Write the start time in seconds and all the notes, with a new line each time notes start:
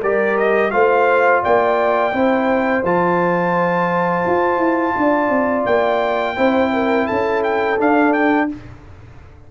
0.00 G3 G4 A#4 D5
0.37 D#5
0.71 A3 F4 C5 F5
1.42 A#3 D5 G5
2.12 C4 E4 C5
2.84 F3 F4 A5
4.25 F4
4.57 E4
4.96 D4 D5
5.29 C4
5.65 A#3 G5
6.35 C4 E4 C5
6.73 A#4
7.06 C#4 A4 A5
7.43 G5
7.78 D4 F5
8.12 G5